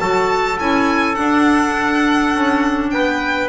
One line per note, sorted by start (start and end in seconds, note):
0.00 0.59 F#3
0.00 0.58 F#4
0.00 2.92 A4
0.00 0.58 A5
0.59 1.18 C#4
0.59 1.15 E4
0.59 1.15 G#5
1.15 3.48 D4
1.15 2.35 D4
1.15 2.90 F#5
2.35 2.93 C#4
2.90 3.49 B3
2.90 3.49 B4
2.90 3.49 G5